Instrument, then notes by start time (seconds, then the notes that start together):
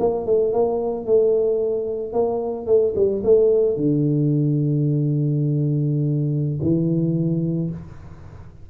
tuba
0.00 A#3
0.27 A3
0.53 A#3
1.06 A3
2.13 A#3
2.67 A3
2.96 G3
3.24 A3
3.77 D3
6.62 E3